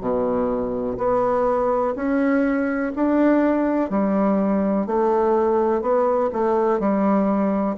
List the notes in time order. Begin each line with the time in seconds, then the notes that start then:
0.00 B2
0.97 B3
1.96 C#4
2.95 D4
3.90 G3
4.86 A3
5.81 B3
6.33 A3
6.80 G3